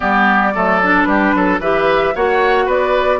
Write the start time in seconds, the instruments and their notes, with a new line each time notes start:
0.00 bassoon G3, clarinet B3, oboe G4, flute D5
0.54 bassoon F#3, clarinet A3, oboe A4
0.83 clarinet D4
1.03 bassoon G3, oboe G4, flute B4
1.34 bassoon F#3, oboe A4
1.59 bassoon E3, clarinet G4, oboe B4, flute E5
2.15 bassoon A#3, clarinet F#4, oboe C#5, flute F#5
2.65 bassoon B3, oboe B4, flute D5